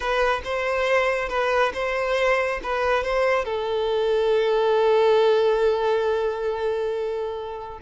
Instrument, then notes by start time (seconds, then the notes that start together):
violin
0.00 B4
0.44 C5
1.28 B4
1.73 C5
2.63 B4
3.03 C5
3.44 A4